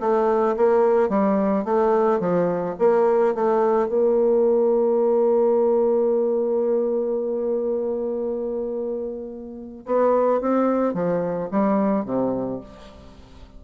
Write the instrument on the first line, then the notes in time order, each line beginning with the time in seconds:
bassoon
0.00 A3
0.57 A#3
1.09 G3
1.64 A3
2.20 F3
2.79 A#3
3.35 A3
3.88 A#3
9.86 B3
10.41 C4
10.94 F3
11.51 G3
12.05 C3